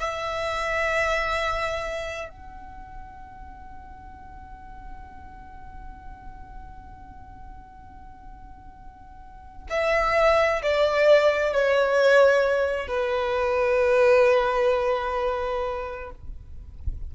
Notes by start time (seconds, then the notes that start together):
0.00 E5
2.29 F#5
9.70 E5
10.63 D5
11.53 C#5
12.88 B4